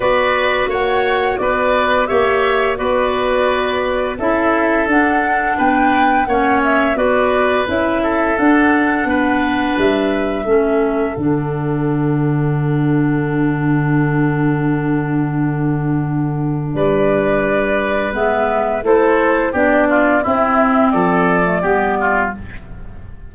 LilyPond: <<
  \new Staff \with { instrumentName = "flute" } { \time 4/4 \tempo 4 = 86 d''4 fis''4 d''4 e''4 | d''2 e''4 fis''4 | g''4 fis''8 e''8 d''4 e''4 | fis''2 e''2 |
fis''1~ | fis''1 | d''2 e''4 c''4 | d''4 e''4 d''2 | }
  \new Staff \with { instrumentName = "oboe" } { \time 4/4 b'4 cis''4 b'4 cis''4 | b'2 a'2 | b'4 cis''4 b'4. a'8~ | a'4 b'2 a'4~ |
a'1~ | a'1 | b'2. a'4 | g'8 f'8 e'4 a'4 g'8 f'8 | }
  \new Staff \with { instrumentName = "clarinet" } { \time 4/4 fis'2. g'4 | fis'2 e'4 d'4~ | d'4 cis'4 fis'4 e'4 | d'2. cis'4 |
d'1~ | d'1~ | d'2 b4 e'4 | d'4 c'4.~ c'16 a16 b4 | }
  \new Staff \with { instrumentName = "tuba" } { \time 4/4 b4 ais4 b4 ais4 | b2 cis'4 d'4 | b4 ais4 b4 cis'4 | d'4 b4 g4 a4 |
d1~ | d1 | g2 gis4 a4 | b4 c'4 f4 g4 | }
>>